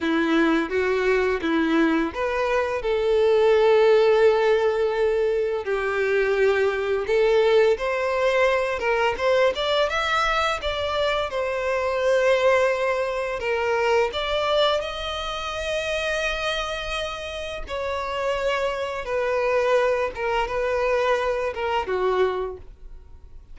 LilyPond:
\new Staff \with { instrumentName = "violin" } { \time 4/4 \tempo 4 = 85 e'4 fis'4 e'4 b'4 | a'1 | g'2 a'4 c''4~ | c''8 ais'8 c''8 d''8 e''4 d''4 |
c''2. ais'4 | d''4 dis''2.~ | dis''4 cis''2 b'4~ | b'8 ais'8 b'4. ais'8 fis'4 | }